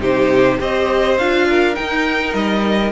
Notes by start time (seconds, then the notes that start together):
0.00 C3 D#4 G4 C5
0.59 C4 G4 C5 D#5
1.18 D4 F4 F5
1.49 A#4
1.74 D#4 G5
2.33 G3 D#5